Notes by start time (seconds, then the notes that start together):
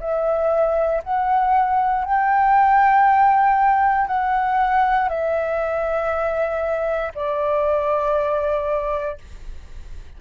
0.00 E5
1.04 F#5
2.05 G5
4.07 F#5
5.09 E5
7.15 D5